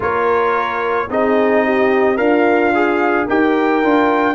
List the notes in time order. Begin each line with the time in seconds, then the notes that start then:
0.00 A#3 F4 A#4 C#5
1.10 C4 D#4 G#4 D#5
1.65 G4
2.16 D4 F4 A#4 F5
2.74 G#4
3.25 D#4 G4 A#4 G5
3.83 D4 F4